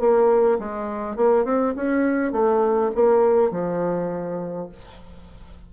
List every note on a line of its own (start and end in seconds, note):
0.00 0.59 A#3
0.59 1.16 G#3
1.16 1.45 A#3
1.45 1.74 C4
1.76 2.32 C#4
2.32 2.91 A3
2.95 3.51 A#3
3.51 4.69 F3